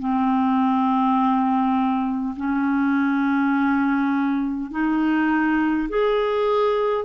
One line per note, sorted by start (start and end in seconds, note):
0.00 2.35 C4
2.37 4.72 C#4
4.72 5.89 D#4
5.89 7.05 G#4